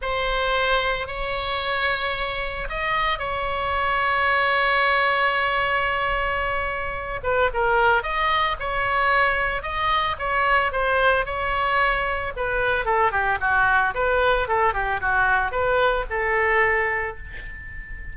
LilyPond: \new Staff \with { instrumentName = "oboe" } { \time 4/4 \tempo 4 = 112 c''2 cis''2~ | cis''4 dis''4 cis''2~ | cis''1~ | cis''4. b'8 ais'4 dis''4 |
cis''2 dis''4 cis''4 | c''4 cis''2 b'4 | a'8 g'8 fis'4 b'4 a'8 g'8 | fis'4 b'4 a'2 | }